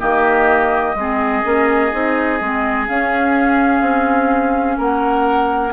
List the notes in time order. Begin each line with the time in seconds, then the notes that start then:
0.00 D#3 A#3 G4 D#5
0.95 G#3 C4 G#4
1.44 A#3 C#4
1.92 C4 D#4
2.41 G#3 C4
2.88 C#4 F5
3.81 C4
4.78 A#3 A#4 F#5